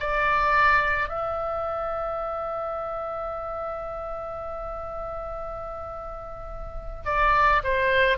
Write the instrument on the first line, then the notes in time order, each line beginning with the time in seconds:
oboe
0.00 D5
1.09 E5
7.05 D5
7.64 C5